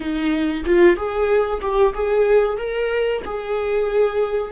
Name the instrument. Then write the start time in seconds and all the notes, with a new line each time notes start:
viola
0.00 D#4
0.65 F4
0.96 G#4
1.61 G4
1.94 G#4
2.57 A#4
3.25 G#4